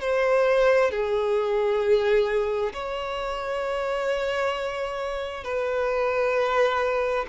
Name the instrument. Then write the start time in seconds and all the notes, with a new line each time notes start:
violin
0.00 C5
0.90 G#4
2.73 C#5
5.43 B4